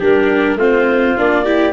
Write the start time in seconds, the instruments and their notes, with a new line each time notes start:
0.00 tuba G3, viola D4, trumpet G4, clarinet A#4
0.56 tuba A3, viola C4, trumpet F4, clarinet C5
1.18 tuba A#3, viola D4, clarinet D5
1.45 viola E4, trumpet G4